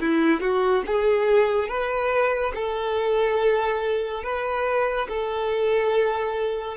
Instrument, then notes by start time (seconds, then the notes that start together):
violin
0.00 E4
0.40 F#4
0.86 G#4
1.68 B4
2.55 A4
4.23 B4
5.08 A4